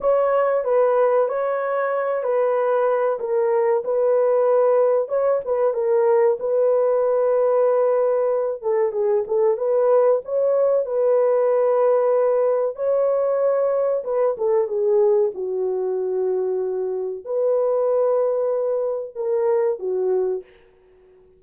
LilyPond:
\new Staff \with { instrumentName = "horn" } { \time 4/4 \tempo 4 = 94 cis''4 b'4 cis''4. b'8~ | b'4 ais'4 b'2 | cis''8 b'8 ais'4 b'2~ | b'4. a'8 gis'8 a'8 b'4 |
cis''4 b'2. | cis''2 b'8 a'8 gis'4 | fis'2. b'4~ | b'2 ais'4 fis'4 | }